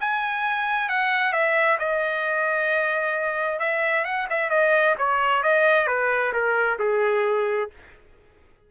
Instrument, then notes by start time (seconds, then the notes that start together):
trumpet
0.00 G#5
0.89 F#5
1.32 E5
1.79 D#5
3.59 E5
4.04 F#5
4.30 E5
4.50 D#5
4.98 C#5
5.43 D#5
5.87 B4
6.32 A#4
6.79 G#4